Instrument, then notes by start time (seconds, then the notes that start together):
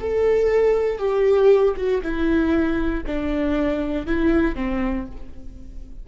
viola
0.00 A4
0.99 G4
1.77 F#4
2.03 E4
3.06 D4
4.07 E4
4.56 C4